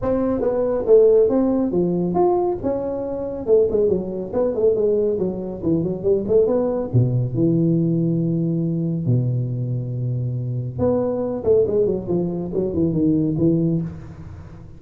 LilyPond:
\new Staff \with { instrumentName = "tuba" } { \time 4/4 \tempo 4 = 139 c'4 b4 a4 c'4 | f4 f'4 cis'2 | a8 gis8 fis4 b8 a8 gis4 | fis4 e8 fis8 g8 a8 b4 |
b,4 e2.~ | e4 b,2.~ | b,4 b4. a8 gis8 fis8 | f4 fis8 e8 dis4 e4 | }